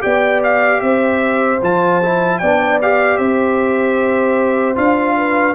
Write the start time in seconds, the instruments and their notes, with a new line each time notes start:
0.00 tuba B3, trombone G4, horn D5, trumpet G5
0.43 trumpet F5
0.80 tuba C4, horn C5, trumpet E5
1.62 tuba F3, trombone F4, trumpet A5
2.03 trombone E4
2.38 tuba B3, trombone D4, horn D5, trumpet G5
2.81 trombone G4, trumpet F5
3.17 tuba C4, horn C5, trumpet E5
4.75 tuba D4, trombone F4, trumpet F5
5.17 horn B4